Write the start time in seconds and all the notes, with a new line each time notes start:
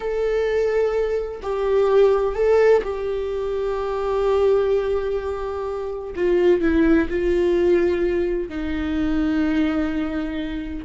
0.00 A4
1.42 G4
2.35 A4
2.83 G4
6.15 F4
6.61 E4
7.09 F4
8.48 D#4